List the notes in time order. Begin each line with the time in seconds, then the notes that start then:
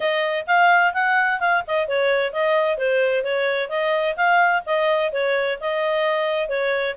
0.00 D#5
0.47 F5
0.93 F#5
1.40 F5
1.67 D#5
1.88 C#5
2.32 D#5
2.77 C5
3.24 C#5
3.69 D#5
4.16 F5
4.66 D#5
5.12 C#5
5.60 D#5
6.49 C#5